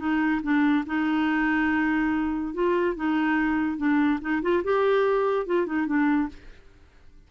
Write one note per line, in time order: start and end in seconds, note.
0.00 0.42 D#4
0.43 0.85 D4
0.87 2.54 D#4
2.54 2.96 F4
2.96 3.78 D#4
3.78 4.20 D4
4.21 4.42 D#4
4.43 4.64 F4
4.64 5.47 G4
5.47 5.67 F4
5.67 5.87 D#4
5.87 6.29 D4